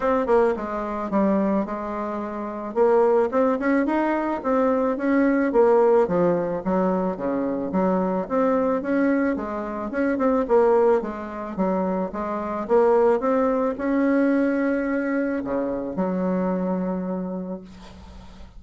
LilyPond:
\new Staff \with { instrumentName = "bassoon" } { \time 4/4 \tempo 4 = 109 c'8 ais8 gis4 g4 gis4~ | gis4 ais4 c'8 cis'8 dis'4 | c'4 cis'4 ais4 f4 | fis4 cis4 fis4 c'4 |
cis'4 gis4 cis'8 c'8 ais4 | gis4 fis4 gis4 ais4 | c'4 cis'2. | cis4 fis2. | }